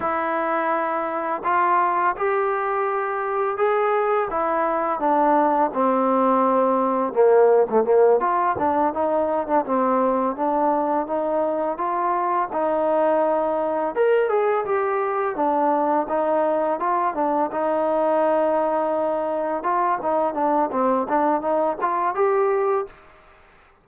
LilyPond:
\new Staff \with { instrumentName = "trombone" } { \time 4/4 \tempo 4 = 84 e'2 f'4 g'4~ | g'4 gis'4 e'4 d'4 | c'2 ais8. a16 ais8 f'8 | d'8 dis'8. d'16 c'4 d'4 dis'8~ |
dis'8 f'4 dis'2 ais'8 | gis'8 g'4 d'4 dis'4 f'8 | d'8 dis'2. f'8 | dis'8 d'8 c'8 d'8 dis'8 f'8 g'4 | }